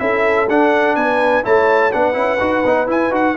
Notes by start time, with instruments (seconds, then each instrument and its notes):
0.00 tuba C#4, trombone E4, horn A4, trumpet E5
0.49 tuba D4, trombone D4, trumpet F#5
0.96 tuba B3, horn B4, trumpet G#5
1.44 tuba A3, trombone E4, horn C#5, trumpet A5
1.92 tuba B3, trombone D4, horn B4, trumpet F#5
2.14 tuba C#4, trombone E4
2.40 tuba D#4, trombone F#4
2.66 tuba B3, trombone D#4
2.87 trombone E4, tuba E4, trumpet G#5
3.11 tuba D#4, trombone F#4, trumpet F#5